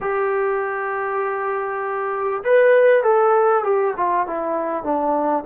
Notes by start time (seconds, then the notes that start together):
0.00 G4
2.44 B4
3.03 A4
3.63 G4
3.96 F4
4.26 E4
4.83 D4